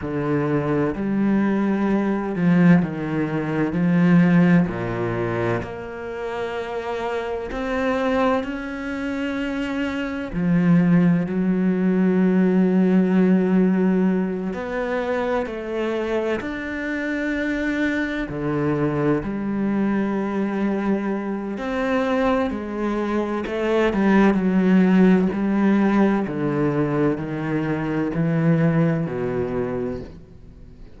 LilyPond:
\new Staff \with { instrumentName = "cello" } { \time 4/4 \tempo 4 = 64 d4 g4. f8 dis4 | f4 ais,4 ais2 | c'4 cis'2 f4 | fis2.~ fis8 b8~ |
b8 a4 d'2 d8~ | d8 g2~ g8 c'4 | gis4 a8 g8 fis4 g4 | d4 dis4 e4 b,4 | }